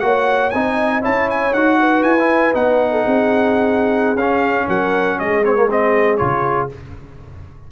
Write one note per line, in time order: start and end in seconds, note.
0.00 0.53 A#3
0.00 0.51 F#4
0.00 0.55 C#5
0.00 0.50 F#5
0.50 1.04 C4
0.50 1.02 D#4
0.50 1.01 G#5
0.57 1.02 D#5
1.02 1.54 C#4
1.02 1.52 E4
1.02 1.77 C#5
1.02 1.29 A5
1.30 1.53 G#5
1.53 2.04 D#4
1.53 2.19 F#4
1.53 2.03 F#5
1.80 2.92 B4
2.03 2.54 E4
2.03 2.54 G#5
2.19 2.53 E4
2.53 3.05 B3
2.53 4.17 D#4
2.53 4.17 F#5
2.92 3.03 A4
3.03 4.16 C4
3.03 4.66 G#4
4.16 4.66 C#4
4.16 5.44 C#4
4.16 4.68 F5
4.68 5.19 F#3
4.68 5.18 A#4
4.68 5.19 F#5
5.19 6.20 G#3
5.19 6.71 G#4
5.19 5.44 D#5
5.44 5.55 C4
5.44 5.70 C#5
5.55 5.68 A#3
5.70 6.19 C4
5.70 6.17 D#5
6.17 6.72 C#3
6.17 6.69 F4
6.17 6.68 C#5